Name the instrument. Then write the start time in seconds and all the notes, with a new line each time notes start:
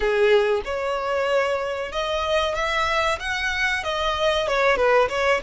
violin
0.00 G#4
0.64 C#5
1.91 D#5
2.54 E5
3.19 F#5
3.83 D#5
4.47 C#5
4.76 B4
5.09 C#5